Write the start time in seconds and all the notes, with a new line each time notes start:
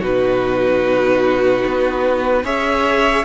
0.00 B2 D#4 F#4 B4
1.66 B3
2.44 C#4 G#4 C#5 E5